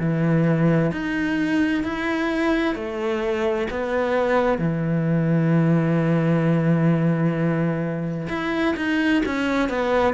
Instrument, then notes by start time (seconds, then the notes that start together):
cello
0.00 E3
0.92 D#4
1.84 E4
2.76 A3
3.71 B3
4.59 E3
8.30 E4
8.77 D#4
9.26 C#4
9.70 B3